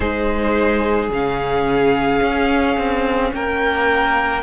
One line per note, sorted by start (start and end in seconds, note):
0.00 1.09 G#3
0.00 1.10 D#4
0.00 3.31 G#4
0.00 1.09 C5
1.09 2.20 C#3
1.09 4.43 C#4
1.09 3.33 F5
2.21 2.77 C#4
2.77 3.32 C4
3.33 4.43 A#3
3.33 4.43 A#4
3.33 4.43 G5